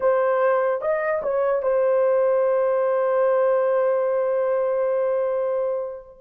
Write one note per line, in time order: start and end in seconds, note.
0.00 0.81 C5
0.81 1.22 D#5
1.22 1.62 C#5
1.62 6.18 C5